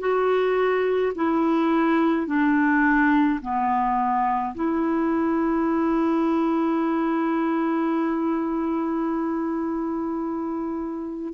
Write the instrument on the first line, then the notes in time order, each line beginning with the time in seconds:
clarinet
0.00 F#4
1.15 E4
2.27 D4
3.41 B3
4.55 E4